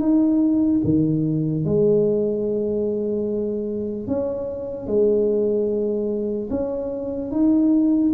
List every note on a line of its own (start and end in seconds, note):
0.00 0.81 D#4
0.84 1.65 D#3
1.65 4.07 G#3
4.07 4.87 C#4
4.87 6.49 G#3
6.50 7.31 C#4
7.32 8.13 D#4